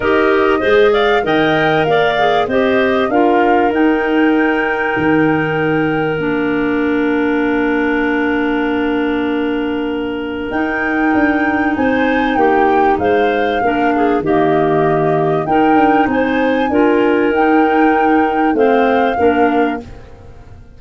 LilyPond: <<
  \new Staff \with { instrumentName = "flute" } { \time 4/4 \tempo 4 = 97 dis''4. f''8 g''4 f''4 | dis''4 f''4 g''2~ | g''2 f''2~ | f''1~ |
f''4 g''2 gis''4 | g''4 f''2 dis''4~ | dis''4 g''4 gis''2 | g''2 f''2 | }
  \new Staff \with { instrumentName = "clarinet" } { \time 4/4 ais'4 c''8 d''8 dis''4 d''4 | c''4 ais'2.~ | ais'1~ | ais'1~ |
ais'2. c''4 | g'4 c''4 ais'8 gis'8 g'4~ | g'4 ais'4 c''4 ais'4~ | ais'2 c''4 ais'4 | }
  \new Staff \with { instrumentName = "clarinet" } { \time 4/4 g'4 gis'4 ais'4. gis'8 | g'4 f'4 dis'2~ | dis'2 d'2~ | d'1~ |
d'4 dis'2.~ | dis'2 d'4 ais4~ | ais4 dis'2 f'4 | dis'2 c'4 d'4 | }
  \new Staff \with { instrumentName = "tuba" } { \time 4/4 dis'4 gis4 dis4 ais4 | c'4 d'4 dis'2 | dis2 ais2~ | ais1~ |
ais4 dis'4 d'4 c'4 | ais4 gis4 ais4 dis4~ | dis4 dis'8 d'8 c'4 d'4 | dis'2 a4 ais4 | }
>>